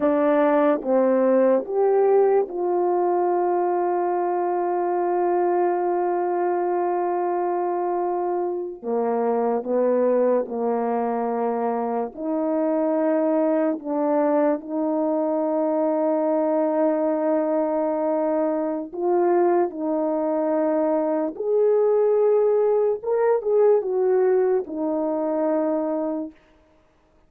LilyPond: \new Staff \with { instrumentName = "horn" } { \time 4/4 \tempo 4 = 73 d'4 c'4 g'4 f'4~ | f'1~ | f'2~ f'8. ais4 b16~ | b8. ais2 dis'4~ dis'16~ |
dis'8. d'4 dis'2~ dis'16~ | dis'2. f'4 | dis'2 gis'2 | ais'8 gis'8 fis'4 dis'2 | }